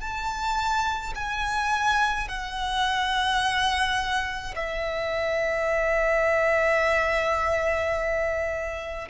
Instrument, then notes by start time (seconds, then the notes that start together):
violin
0.00 A5
1.15 G#5
2.28 F#5
4.55 E5